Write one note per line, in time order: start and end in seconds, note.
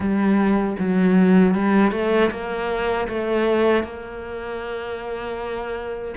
0.00 0.76 G3
0.79 1.54 F#3
1.54 1.91 G3
1.91 2.30 A3
2.30 3.07 A#3
3.08 3.83 A3
3.83 6.14 A#3